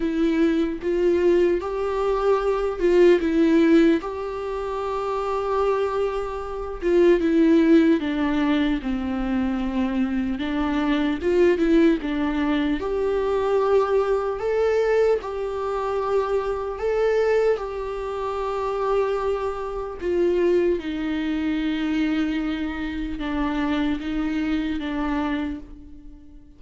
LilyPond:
\new Staff \with { instrumentName = "viola" } { \time 4/4 \tempo 4 = 75 e'4 f'4 g'4. f'8 | e'4 g'2.~ | g'8 f'8 e'4 d'4 c'4~ | c'4 d'4 f'8 e'8 d'4 |
g'2 a'4 g'4~ | g'4 a'4 g'2~ | g'4 f'4 dis'2~ | dis'4 d'4 dis'4 d'4 | }